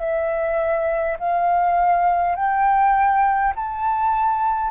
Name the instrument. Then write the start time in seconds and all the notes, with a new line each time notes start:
flute
0.00 E5
1.19 F5
2.36 G5
3.56 A5